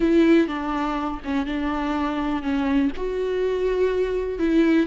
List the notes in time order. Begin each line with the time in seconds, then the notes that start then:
0.00 E4
0.47 D4
1.24 C#4
1.45 D4
2.42 C#4
2.96 F#4
4.38 E4